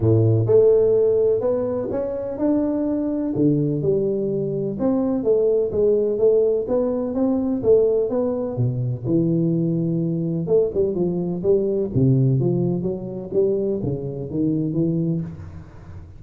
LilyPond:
\new Staff \with { instrumentName = "tuba" } { \time 4/4 \tempo 4 = 126 a,4 a2 b4 | cis'4 d'2 d4 | g2 c'4 a4 | gis4 a4 b4 c'4 |
a4 b4 b,4 e4~ | e2 a8 g8 f4 | g4 c4 f4 fis4 | g4 cis4 dis4 e4 | }